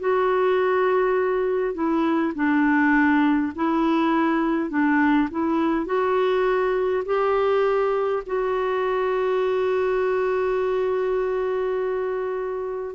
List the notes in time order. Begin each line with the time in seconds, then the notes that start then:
0.00 F#4
1.74 E4
2.35 D4
3.56 E4
4.70 D4
5.31 E4
5.86 F#4
7.05 G4
8.26 F#4